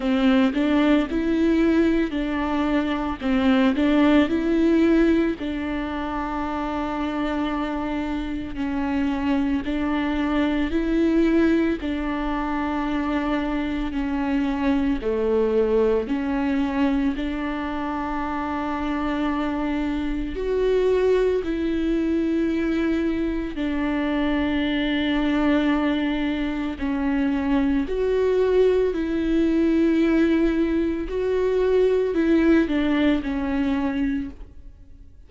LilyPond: \new Staff \with { instrumentName = "viola" } { \time 4/4 \tempo 4 = 56 c'8 d'8 e'4 d'4 c'8 d'8 | e'4 d'2. | cis'4 d'4 e'4 d'4~ | d'4 cis'4 a4 cis'4 |
d'2. fis'4 | e'2 d'2~ | d'4 cis'4 fis'4 e'4~ | e'4 fis'4 e'8 d'8 cis'4 | }